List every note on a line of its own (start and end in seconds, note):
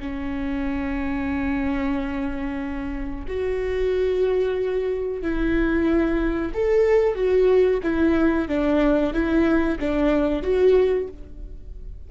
0.00 3.26 C#4
3.28 5.22 F#4
5.22 6.53 E4
6.54 7.15 A4
7.15 7.81 F#4
7.83 8.48 E4
8.49 9.14 D4
9.14 9.79 E4
9.80 10.43 D4
10.43 11.08 F#4